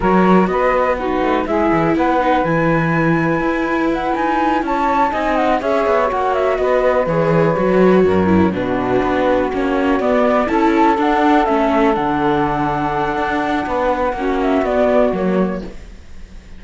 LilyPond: <<
  \new Staff \with { instrumentName = "flute" } { \time 4/4 \tempo 4 = 123 cis''4 dis''4 b'4 e''4 | fis''4 gis''2. | fis''8 gis''4 a''4 gis''8 fis''8 e''8~ | e''8 fis''8 e''8 dis''4 cis''4.~ |
cis''4. b'2 cis''8~ | cis''8 d''4 a''4 fis''4 e''8~ | e''8 fis''2.~ fis''8~ | fis''4. e''8 d''4 cis''4 | }
  \new Staff \with { instrumentName = "saxophone" } { \time 4/4 ais'4 b'4 fis'4 gis'4 | b'1~ | b'4. cis''4 dis''4 cis''8~ | cis''4. b'2~ b'8~ |
b'8 ais'4 fis'2~ fis'8~ | fis'4. a'2~ a'8~ | a'1 | b'4 fis'2. | }
  \new Staff \with { instrumentName = "viola" } { \time 4/4 fis'2 dis'4 e'4~ | e'8 dis'8 e'2.~ | e'2~ e'8 dis'4 gis'8~ | gis'8 fis'2 gis'4 fis'8~ |
fis'4 e'8 d'2 cis'8~ | cis'8 b4 e'4 d'4 cis'8~ | cis'8 d'2.~ d'8~ | d'4 cis'4 b4 ais4 | }
  \new Staff \with { instrumentName = "cello" } { \time 4/4 fis4 b4. a8 gis8 e8 | b4 e2 e'4~ | e'8 dis'4 cis'4 c'4 cis'8 | b8 ais4 b4 e4 fis8~ |
fis8 fis,4 b,4 b4 ais8~ | ais8 b4 cis'4 d'4 a8~ | a8 d2~ d8 d'4 | b4 ais4 b4 fis4 | }
>>